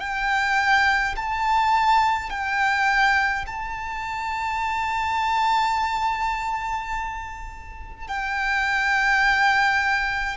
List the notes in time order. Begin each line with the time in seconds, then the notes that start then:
0.00 G5
1.16 A5
2.30 G5
3.47 A5
8.08 G5